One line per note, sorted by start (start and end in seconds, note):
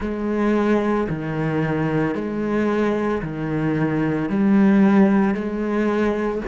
0.00 1.07 G#3
1.09 2.14 D#3
2.14 3.21 G#3
3.22 4.29 D#3
4.29 5.34 G3
5.34 6.41 G#3